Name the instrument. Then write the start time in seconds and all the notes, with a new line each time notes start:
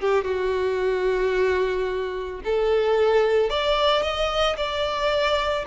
violin
0.00 G4
0.24 F#4
2.44 A4
3.49 D5
4.02 D#5
4.57 D5